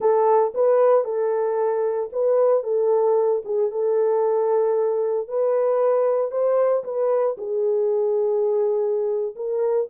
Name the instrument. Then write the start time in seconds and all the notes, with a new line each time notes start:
horn
0.00 A4
0.54 B4
1.04 A4
2.12 B4
2.63 A4
3.44 G#4
3.71 A4
5.28 B4
6.31 C5
6.83 B4
7.37 G#4
9.35 A#4